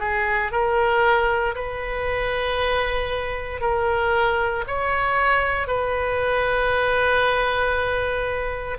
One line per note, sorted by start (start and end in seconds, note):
0.00 0.52 G#4
0.52 1.55 A#4
1.56 3.61 B4
3.61 4.65 A#4
4.67 5.68 C#5
5.68 8.78 B4